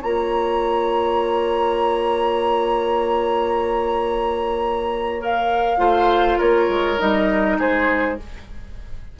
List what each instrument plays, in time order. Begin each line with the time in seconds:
0.00 bassoon A#3, clarinet F4, oboe C#5, flute A#5
5.20 clarinet A#4, flute F5
5.78 bassoon A3, clarinet F4, oboe C5
6.38 bassoon A#3, oboe A#4, flute C#5
6.69 bassoon G#3
6.99 bassoon G3, clarinet D#4, flute D#5
7.59 bassoon G#3, oboe G#4, flute C5